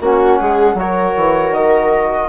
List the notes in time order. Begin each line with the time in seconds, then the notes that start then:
0.00 A#3 C#4 F#4 F#5
0.39 G#3 G#4
0.74 F#3 F#4 C#5
0.80 A#4
1.16 E3
1.50 D#3 D#5